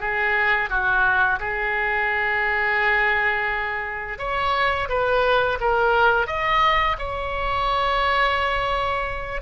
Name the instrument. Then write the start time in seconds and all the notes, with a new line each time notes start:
oboe
0.00 G#4
0.69 F#4
1.40 G#4
4.19 C#5
4.89 B4
5.60 A#4
6.27 D#5
6.98 C#5